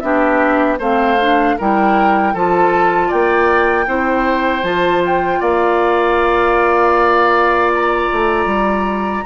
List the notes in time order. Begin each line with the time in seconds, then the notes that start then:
0.00 B3 D4 G4 E5
0.79 A3 C4 C5 F5
1.20 D4
1.58 G3 E4 A#4 G5
2.34 F3 F4 A4 A5
3.08 A#3 D5 G5
3.87 C4 E4 C5
4.63 F3 F4 A5
5.06 G5
5.40 A#3 D5 F5
7.73 A#5
8.12 A3
8.46 G3